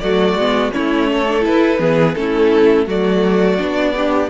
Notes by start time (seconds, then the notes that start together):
0.00 F#3 A3 F#4 D5
0.35 G#3 B3
0.72 A3 C#4 E4 C#5
1.11 A4
1.28 D4
1.40 E4 B4
1.79 E3 B3 G#4
2.15 A3 C#4 A4
2.21 E4
2.87 F#3 A3 F#4 D5
3.58 B3 D4
3.95 D4 G4